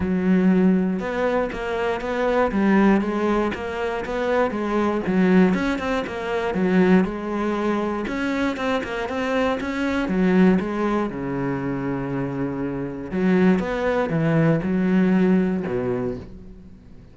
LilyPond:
\new Staff \with { instrumentName = "cello" } { \time 4/4 \tempo 4 = 119 fis2 b4 ais4 | b4 g4 gis4 ais4 | b4 gis4 fis4 cis'8 c'8 | ais4 fis4 gis2 |
cis'4 c'8 ais8 c'4 cis'4 | fis4 gis4 cis2~ | cis2 fis4 b4 | e4 fis2 b,4 | }